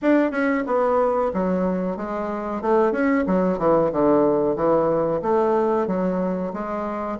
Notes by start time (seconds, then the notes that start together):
0.02 D4
0.31 C#4
0.66 B3
1.33 F#3
1.96 G#3
2.61 A3
2.91 C#4
3.26 F#3
3.58 E3
3.92 D3
4.56 E3
5.22 A3
5.87 F#3
6.53 G#3